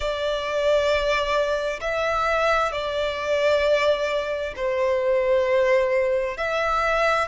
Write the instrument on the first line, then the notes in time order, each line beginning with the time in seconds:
violin
0.00 D5
1.81 E5
2.71 D5
4.55 C5
6.37 E5